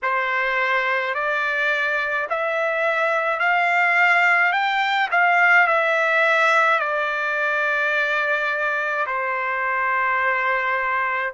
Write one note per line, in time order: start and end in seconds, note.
0.02 1.14 C5
1.14 2.27 D5
2.30 3.40 E5
3.40 4.52 F5
4.52 5.08 G5
5.11 5.67 F5
5.67 6.79 E5
6.79 9.06 D5
9.06 11.32 C5